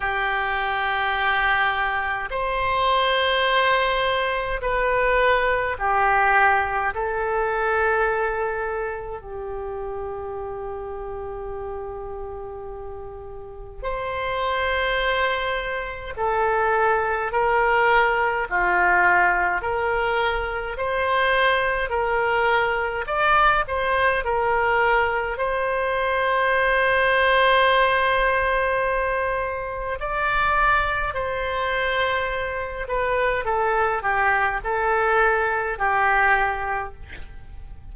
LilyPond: \new Staff \with { instrumentName = "oboe" } { \time 4/4 \tempo 4 = 52 g'2 c''2 | b'4 g'4 a'2 | g'1 | c''2 a'4 ais'4 |
f'4 ais'4 c''4 ais'4 | d''8 c''8 ais'4 c''2~ | c''2 d''4 c''4~ | c''8 b'8 a'8 g'8 a'4 g'4 | }